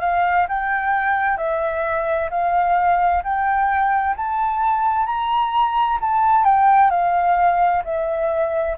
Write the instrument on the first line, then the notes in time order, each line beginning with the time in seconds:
flute
0.00 F5
0.48 G5
1.37 E5
2.30 F5
3.23 G5
4.16 A5
5.06 A#5
6.00 A5
6.44 G5
6.90 F5
7.84 E5